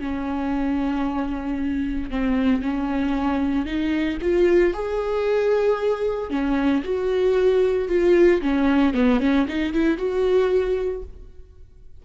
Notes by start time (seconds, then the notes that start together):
0.00 C#4
2.11 C4
2.62 C#4
3.66 D#4
4.22 F4
4.74 G#4
6.31 C#4
6.84 F#4
7.89 F4
8.42 C#4
8.94 B3
9.20 C#4
9.48 D#4
9.74 E4
9.98 F#4